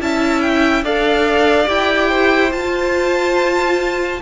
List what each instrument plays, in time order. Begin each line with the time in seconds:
0.00 cello C#4, viola E4, violin E5 A5
0.41 violin G5
0.82 cello D4, viola A4, violin D5 F5
1.65 cello E4, viola G4, violin G5
2.09 violin C5
2.52 cello F4, viola F4, violin A5